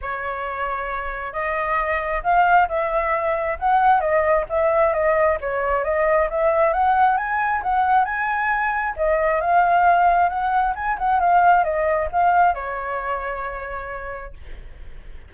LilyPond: \new Staff \with { instrumentName = "flute" } { \time 4/4 \tempo 4 = 134 cis''2. dis''4~ | dis''4 f''4 e''2 | fis''4 dis''4 e''4 dis''4 | cis''4 dis''4 e''4 fis''4 |
gis''4 fis''4 gis''2 | dis''4 f''2 fis''4 | gis''8 fis''8 f''4 dis''4 f''4 | cis''1 | }